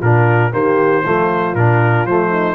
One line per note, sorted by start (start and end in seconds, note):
0.00 0.53 A#2
0.00 0.52 D4
0.00 0.51 F4
0.00 0.53 A#4
0.52 1.05 D#3
0.52 1.04 A#3
0.52 1.04 G4
0.52 1.55 C5
1.04 1.55 F3
1.04 1.57 A3
1.04 2.31 F4
1.55 2.05 A#2
1.55 2.09 D4
1.55 2.06 A#4
2.05 2.55 F3
2.05 2.55 A3
2.05 2.55 C5
2.31 2.55 D#4